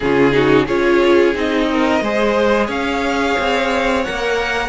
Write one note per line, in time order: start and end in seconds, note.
0.00 0.68 C#3
0.00 0.32 C#4
0.00 0.34 F4
0.00 0.65 G#4
0.32 0.65 D#4
0.32 0.65 F#4
0.65 1.35 C#4
0.65 1.34 F4
0.65 1.66 G#4
0.65 1.34 C#5
1.34 2.01 C4
1.34 2.02 D#4
1.34 2.70 D#5
1.71 2.03 A#4
2.01 2.68 G#3
2.01 4.05 G#4
2.01 2.66 C5
2.66 3.35 C#4
2.66 4.68 C#5
2.66 4.03 F5
3.39 4.06 C4
4.03 4.68 A#3
4.03 4.68 A#4
4.03 4.68 F#5